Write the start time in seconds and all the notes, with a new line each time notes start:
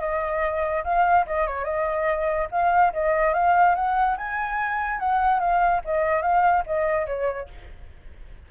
0.00 D#5
0.84 F5
1.26 D#5
1.47 C#5
1.64 D#5
2.51 F5
2.93 D#5
3.33 F5
3.75 F#5
4.17 G#5
4.99 F#5
5.39 F5
5.85 D#5
6.22 F5
6.66 D#5
7.06 C#5